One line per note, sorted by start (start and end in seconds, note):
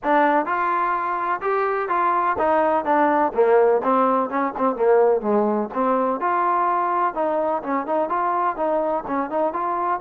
0.03 0.45 D4
0.45 1.40 F4
1.41 1.88 G4
1.88 2.36 F4
2.38 2.84 D#4
2.84 3.32 D4
3.34 3.81 A#3
3.83 4.29 C4
4.29 4.53 C#4
4.57 4.75 C4
4.75 5.21 A#3
5.21 5.68 G#3
5.73 6.20 C4
6.20 7.14 F4
7.14 7.62 D#4
7.62 7.86 C#4
7.86 8.09 D#4
8.09 8.56 F4
8.56 9.04 D#4
9.07 9.29 C#4
9.29 9.53 D#4
9.53 10.00 F4